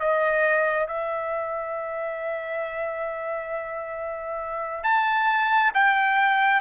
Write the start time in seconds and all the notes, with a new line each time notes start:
0.00 D#5
0.87 E5
4.84 A5
5.75 G5